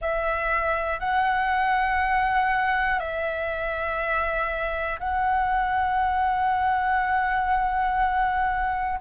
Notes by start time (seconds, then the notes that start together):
0.01 E5
1.00 F#5
2.99 E5
5.00 F#5